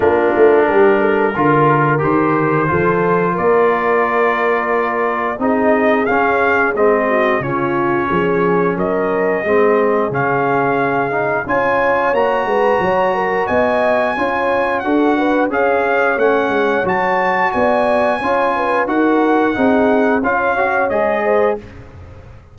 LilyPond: <<
  \new Staff \with { instrumentName = "trumpet" } { \time 4/4 \tempo 4 = 89 ais'2. c''4~ | c''4 d''2. | dis''4 f''4 dis''4 cis''4~ | cis''4 dis''2 f''4~ |
f''4 gis''4 ais''2 | gis''2 fis''4 f''4 | fis''4 a''4 gis''2 | fis''2 f''4 dis''4 | }
  \new Staff \with { instrumentName = "horn" } { \time 4/4 f'4 g'8 a'8 ais'2 | a'4 ais'2. | gis'2~ gis'8 fis'8 f'4 | gis'4 ais'4 gis'2~ |
gis'4 cis''4. b'8 cis''8 ais'8 | dis''4 cis''4 a'8 b'8 cis''4~ | cis''2 d''4 cis''8 b'8 | ais'4 gis'4 cis''4. c''8 | }
  \new Staff \with { instrumentName = "trombone" } { \time 4/4 d'2 f'4 g'4 | f'1 | dis'4 cis'4 c'4 cis'4~ | cis'2 c'4 cis'4~ |
cis'8 dis'8 f'4 fis'2~ | fis'4 f'4 fis'4 gis'4 | cis'4 fis'2 f'4 | fis'4 dis'4 f'8 fis'8 gis'4 | }
  \new Staff \with { instrumentName = "tuba" } { \time 4/4 ais8 a8 g4 d4 dis4 | f4 ais2. | c'4 cis'4 gis4 cis4 | f4 fis4 gis4 cis4~ |
cis4 cis'4 ais8 gis8 fis4 | b4 cis'4 d'4 cis'4 | a8 gis8 fis4 b4 cis'4 | dis'4 c'4 cis'4 gis4 | }
>>